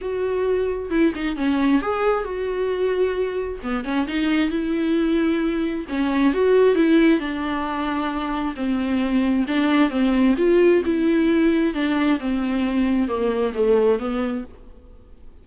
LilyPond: \new Staff \with { instrumentName = "viola" } { \time 4/4 \tempo 4 = 133 fis'2 e'8 dis'8 cis'4 | gis'4 fis'2. | b8 cis'8 dis'4 e'2~ | e'4 cis'4 fis'4 e'4 |
d'2. c'4~ | c'4 d'4 c'4 f'4 | e'2 d'4 c'4~ | c'4 ais4 a4 b4 | }